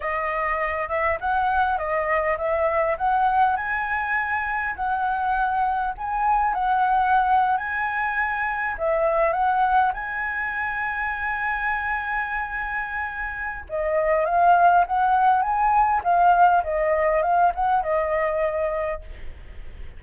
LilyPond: \new Staff \with { instrumentName = "flute" } { \time 4/4 \tempo 4 = 101 dis''4. e''8 fis''4 dis''4 | e''4 fis''4 gis''2 | fis''2 gis''4 fis''4~ | fis''8. gis''2 e''4 fis''16~ |
fis''8. gis''2.~ gis''16~ | gis''2. dis''4 | f''4 fis''4 gis''4 f''4 | dis''4 f''8 fis''8 dis''2 | }